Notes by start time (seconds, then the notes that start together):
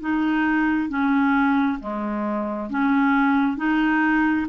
0.00 D#4
0.89 C#4
1.80 G#3
2.69 C#4
3.57 D#4